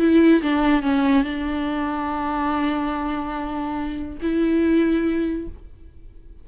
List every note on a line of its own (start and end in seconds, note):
0.00 0.42 E4
0.42 0.83 D4
0.83 1.25 C#4
1.25 4.18 D4
4.23 5.49 E4